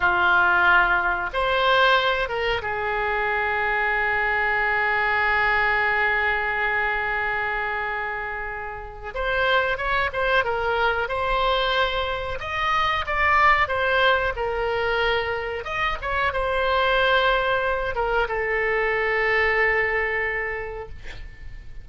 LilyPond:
\new Staff \with { instrumentName = "oboe" } { \time 4/4 \tempo 4 = 92 f'2 c''4. ais'8 | gis'1~ | gis'1~ | gis'2 c''4 cis''8 c''8 |
ais'4 c''2 dis''4 | d''4 c''4 ais'2 | dis''8 cis''8 c''2~ c''8 ais'8 | a'1 | }